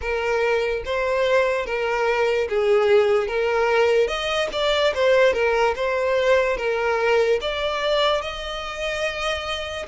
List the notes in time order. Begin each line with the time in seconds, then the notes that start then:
0.01 A#4
0.85 C5
1.66 A#4
2.49 G#4
3.27 A#4
4.07 D#5
4.52 D5
4.94 C5
5.33 A#4
5.75 C5
6.57 A#4
7.41 D5
8.21 D#5